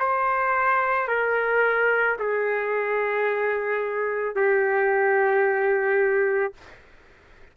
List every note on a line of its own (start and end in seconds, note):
0.00 1.08 C5
1.08 2.17 A#4
2.19 4.35 G#4
4.35 6.54 G4